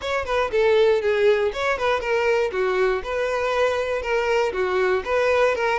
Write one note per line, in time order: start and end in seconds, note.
0.01 0.25 C#5
0.25 0.50 B4
0.51 1.01 A4
1.01 1.52 G#4
1.53 1.77 C#5
1.77 2.00 B4
2.00 2.50 A#4
2.51 3.02 F#4
3.03 4.02 B4
4.02 4.52 A#4
4.52 5.03 F#4
5.04 5.55 B4
5.55 5.79 A#4